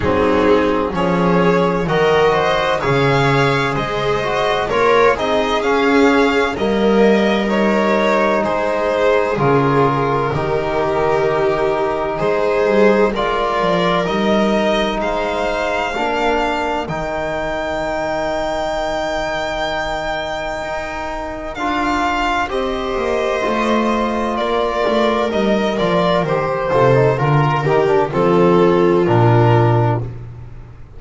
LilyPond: <<
  \new Staff \with { instrumentName = "violin" } { \time 4/4 \tempo 4 = 64 gis'4 cis''4 dis''4 f''4 | dis''4 cis''8 dis''8 f''4 dis''4 | cis''4 c''4 ais'2~ | ais'4 c''4 d''4 dis''4 |
f''2 g''2~ | g''2. f''4 | dis''2 d''4 dis''8 d''8 | c''4 ais'8 g'8 a'4 ais'4 | }
  \new Staff \with { instrumentName = "viola" } { \time 4/4 dis'4 gis'4 ais'8 c''8 cis''4 | c''4 ais'8 gis'4. ais'4~ | ais'4 gis'2 g'4~ | g'4 gis'4 ais'2 |
c''4 ais'2.~ | ais'1 | c''2 ais'2~ | ais'8 a'8 ais'4 f'2 | }
  \new Staff \with { instrumentName = "trombone" } { \time 4/4 c'4 cis'4 fis'4 gis'4~ | gis'8 fis'8 f'8 dis'8 cis'4 ais4 | dis'2 f'4 dis'4~ | dis'2 f'4 dis'4~ |
dis'4 d'4 dis'2~ | dis'2. f'4 | g'4 f'2 dis'8 f'8 | g'8 f'16 dis'16 f'8 dis'16 d'16 c'4 d'4 | }
  \new Staff \with { instrumentName = "double bass" } { \time 4/4 fis4 f4 dis4 cis4 | gis4 ais8 c'8 cis'4 g4~ | g4 gis4 cis4 dis4~ | dis4 gis8 g8 gis8 f8 g4 |
gis4 ais4 dis2~ | dis2 dis'4 d'4 | c'8 ais8 a4 ais8 a8 g8 f8 | dis8 c8 d8 dis8 f4 ais,4 | }
>>